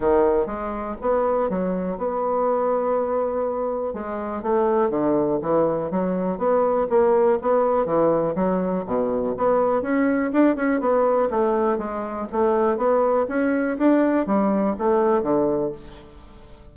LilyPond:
\new Staff \with { instrumentName = "bassoon" } { \time 4/4 \tempo 4 = 122 dis4 gis4 b4 fis4 | b1 | gis4 a4 d4 e4 | fis4 b4 ais4 b4 |
e4 fis4 b,4 b4 | cis'4 d'8 cis'8 b4 a4 | gis4 a4 b4 cis'4 | d'4 g4 a4 d4 | }